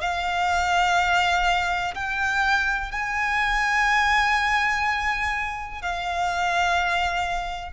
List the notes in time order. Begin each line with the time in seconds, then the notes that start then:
0.00 F5
1.94 G5
2.91 G#5
5.82 F5